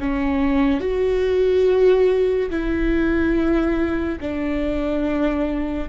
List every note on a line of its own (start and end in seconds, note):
0.00 0.81 C#4
0.81 2.50 F#4
2.50 4.19 E4
4.21 5.89 D4